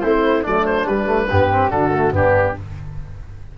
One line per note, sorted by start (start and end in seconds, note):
0.00 0.44 A3
0.00 0.45 C4
0.00 0.43 E4
0.00 0.42 C5
0.43 0.85 F#3
0.43 0.87 A3
0.43 1.27 D4
0.43 0.66 D5
0.66 0.87 C5
0.85 1.28 G3
0.85 1.05 G3
0.85 1.71 B4
1.05 1.26 A3
1.29 1.72 G2
1.29 1.50 B3
1.29 1.71 G4
1.50 1.70 C4
1.70 2.11 D3
1.70 1.91 D4
1.70 2.13 F#4
1.70 2.13 A4
1.91 2.11 A3
2.11 2.54 G2
2.11 2.54 B3
2.11 2.57 D4
2.11 2.57 G4